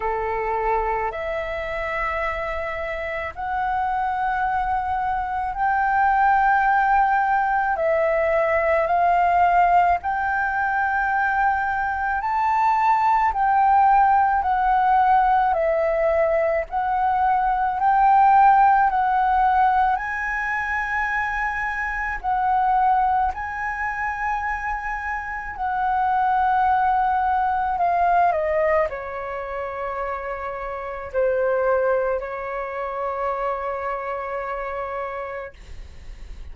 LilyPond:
\new Staff \with { instrumentName = "flute" } { \time 4/4 \tempo 4 = 54 a'4 e''2 fis''4~ | fis''4 g''2 e''4 | f''4 g''2 a''4 | g''4 fis''4 e''4 fis''4 |
g''4 fis''4 gis''2 | fis''4 gis''2 fis''4~ | fis''4 f''8 dis''8 cis''2 | c''4 cis''2. | }